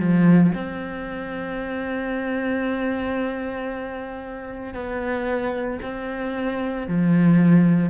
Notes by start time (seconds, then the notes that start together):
0.00 F3
0.55 C4
4.74 B3
5.83 C4
6.88 F3